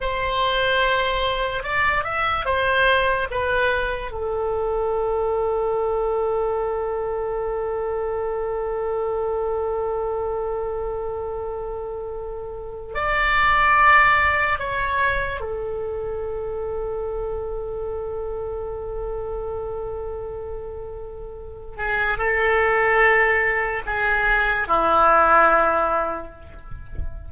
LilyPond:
\new Staff \with { instrumentName = "oboe" } { \time 4/4 \tempo 4 = 73 c''2 d''8 e''8 c''4 | b'4 a'2.~ | a'1~ | a'2.~ a'8. d''16~ |
d''4.~ d''16 cis''4 a'4~ a'16~ | a'1~ | a'2~ a'8 gis'8 a'4~ | a'4 gis'4 e'2 | }